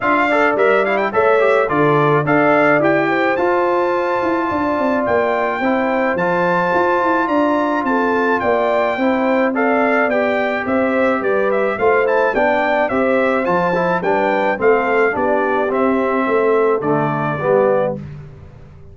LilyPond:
<<
  \new Staff \with { instrumentName = "trumpet" } { \time 4/4 \tempo 4 = 107 f''4 e''8 f''16 g''16 e''4 d''4 | f''4 g''4 a''2~ | a''4 g''2 a''4~ | a''4 ais''4 a''4 g''4~ |
g''4 f''4 g''4 e''4 | d''8 e''8 f''8 a''8 g''4 e''4 | a''4 g''4 f''4 d''4 | e''2 d''2 | }
  \new Staff \with { instrumentName = "horn" } { \time 4/4 e''8 d''4. cis''4 a'4 | d''4. c''2~ c''8 | d''2 c''2~ | c''4 d''4 a'4 d''4 |
c''4 d''2 c''4 | b'4 c''4 d''4 c''4~ | c''4 b'4 a'4 g'4~ | g'4 a'2 g'4 | }
  \new Staff \with { instrumentName = "trombone" } { \time 4/4 f'8 a'8 ais'8 e'8 a'8 g'8 f'4 | a'4 g'4 f'2~ | f'2 e'4 f'4~ | f'1 |
e'4 a'4 g'2~ | g'4 f'8 e'8 d'4 g'4 | f'8 e'8 d'4 c'4 d'4 | c'2 a4 b4 | }
  \new Staff \with { instrumentName = "tuba" } { \time 4/4 d'4 g4 a4 d4 | d'4 e'4 f'4. e'8 | d'8 c'8 ais4 c'4 f4 | f'8 e'8 d'4 c'4 ais4 |
c'2 b4 c'4 | g4 a4 b4 c'4 | f4 g4 a4 b4 | c'4 a4 d4 g4 | }
>>